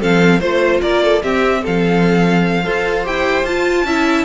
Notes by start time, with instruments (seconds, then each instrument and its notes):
0.00 cello F3, viola C4, violin A4 F5
0.40 cello A3, viola F4, violin C5
0.82 cello A#3, violin A#4 D5
1.03 violin A4
1.23 viola C4, cello C4, violin G4 E5
1.63 cello F3, violin A4 F5
2.64 cello F4, viola A4, violin C5
3.04 cello E4, viola G4, violin G5
3.44 cello F4, viola F4, violin A5
3.84 cello C#4, viola E4, violin E5